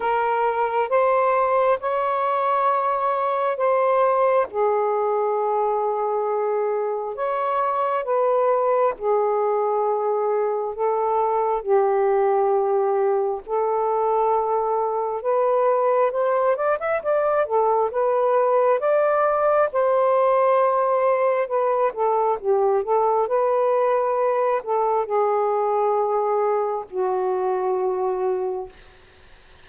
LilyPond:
\new Staff \with { instrumentName = "saxophone" } { \time 4/4 \tempo 4 = 67 ais'4 c''4 cis''2 | c''4 gis'2. | cis''4 b'4 gis'2 | a'4 g'2 a'4~ |
a'4 b'4 c''8 d''16 e''16 d''8 a'8 | b'4 d''4 c''2 | b'8 a'8 g'8 a'8 b'4. a'8 | gis'2 fis'2 | }